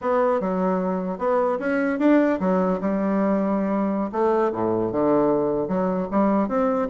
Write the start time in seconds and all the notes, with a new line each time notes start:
0.01 B3
0.40 F#3
1.18 B3
1.59 C#4
1.99 D4
2.40 F#3
2.81 G3
4.11 A3
4.52 A2
4.92 D3
5.68 F#3
6.11 G3
6.48 C4